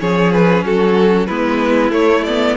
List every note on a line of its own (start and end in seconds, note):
0.00 0.64 F3
0.00 1.29 C#4
0.00 0.66 G#4
0.00 0.32 C#5
0.32 0.65 B4
0.64 1.28 F#3
0.64 1.28 F#4
0.64 1.27 A4
1.27 1.92 G#3
1.27 1.92 B3
1.27 2.57 E4
1.27 1.92 B4
1.92 2.24 A3
1.92 2.56 A3
1.92 2.24 C#5
2.25 2.57 B3
2.25 2.57 D5